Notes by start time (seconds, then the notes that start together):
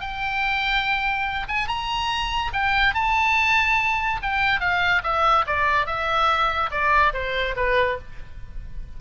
0.00 G5
1.48 G#5
1.68 A#5
2.53 G5
2.94 A5
4.22 G5
4.60 F5
5.03 E5
5.46 D5
5.86 E5
6.71 D5
7.13 C5
7.56 B4